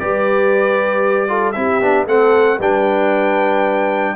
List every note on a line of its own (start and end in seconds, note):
0.00 1.56 G3
0.00 1.29 G4
0.00 1.30 B4
0.00 1.52 D5
1.29 1.55 F4
1.29 1.56 A4
1.52 1.81 C4
1.52 1.81 E4
1.52 2.07 G4
1.52 2.05 E5
1.81 2.06 B3
1.81 2.08 D4
2.06 2.59 A3
2.06 2.60 C4
2.06 2.57 A4
2.06 2.60 F#5
2.57 4.16 G3
2.57 4.17 D4
2.57 4.14 B4
2.57 4.17 G5